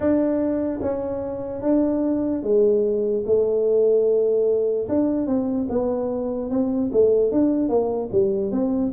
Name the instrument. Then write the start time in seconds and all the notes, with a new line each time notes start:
tuba
0.00 D4
0.81 C#4
1.61 D4
2.43 G#3
3.25 A3
4.88 D4
5.26 C4
5.69 B3
6.50 C4
6.92 A3
7.31 D4
7.68 A#3
8.12 G3
8.51 C4